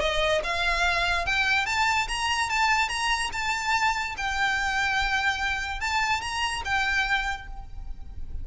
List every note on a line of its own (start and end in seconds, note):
0.00 0.41 D#5
0.43 1.26 F5
1.26 1.66 G5
1.66 2.07 A5
2.08 2.49 A#5
2.49 2.89 A5
2.89 3.30 A#5
3.32 4.15 A5
4.17 5.80 G5
5.80 6.21 A5
6.21 6.62 A#5
6.64 7.47 G5